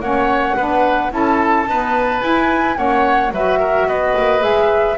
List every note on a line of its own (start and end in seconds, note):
0.00 0.55 A#3
0.00 0.57 C#4
0.00 0.56 C#5
0.00 1.11 F#5
0.56 1.12 B3
0.56 1.10 D4
0.56 1.11 B4
1.10 1.66 C#4
1.10 1.65 E4
1.10 1.69 A4
1.10 2.23 A5
1.66 2.22 B3
1.66 2.21 D#4
1.66 2.78 B4
2.22 2.75 E4
2.22 2.77 E4
2.22 2.77 G#5
2.75 3.31 A#3
2.75 3.30 C#4
2.75 3.33 C#5
2.75 3.32 F#5
3.31 3.86 F#3
3.31 4.40 F#4
3.31 3.59 B4
3.31 3.88 E5
3.59 3.87 A#4
3.87 4.14 B3
3.87 4.98 B4
3.87 4.43 D#5
4.17 4.44 A#3
4.40 4.98 G#3
4.40 4.95 G#4
4.40 4.98 E5